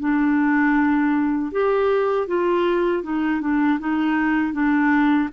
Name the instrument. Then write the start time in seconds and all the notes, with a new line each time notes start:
clarinet
0.00 D4
1.52 G4
2.28 F4
3.03 D#4
3.41 D4
3.80 D#4
4.53 D4